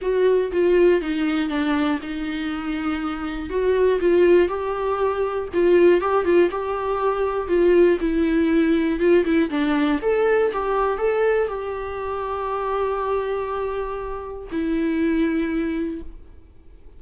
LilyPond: \new Staff \with { instrumentName = "viola" } { \time 4/4 \tempo 4 = 120 fis'4 f'4 dis'4 d'4 | dis'2. fis'4 | f'4 g'2 f'4 | g'8 f'8 g'2 f'4 |
e'2 f'8 e'8 d'4 | a'4 g'4 a'4 g'4~ | g'1~ | g'4 e'2. | }